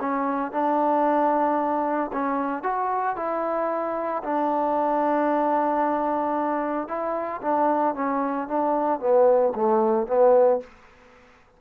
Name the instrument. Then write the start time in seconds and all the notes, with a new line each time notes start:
trombone
0.00 C#4
0.51 D4
2.12 C#4
2.63 F#4
3.16 E4
4.23 D4
6.88 E4
7.42 D4
7.94 C#4
8.47 D4
9.00 B3
9.55 A3
10.07 B3